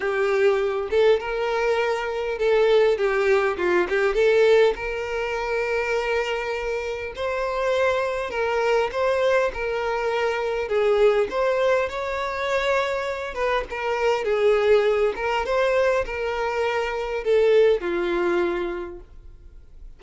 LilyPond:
\new Staff \with { instrumentName = "violin" } { \time 4/4 \tempo 4 = 101 g'4. a'8 ais'2 | a'4 g'4 f'8 g'8 a'4 | ais'1 | c''2 ais'4 c''4 |
ais'2 gis'4 c''4 | cis''2~ cis''8 b'8 ais'4 | gis'4. ais'8 c''4 ais'4~ | ais'4 a'4 f'2 | }